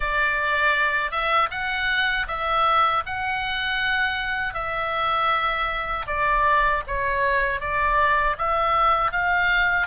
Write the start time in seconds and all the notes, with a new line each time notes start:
0.00 D5
1.10 E5
1.51 F#5
2.27 E5
3.06 F#5
4.54 E5
6.07 D5
6.87 C#5
7.60 D5
8.38 E5
9.11 F5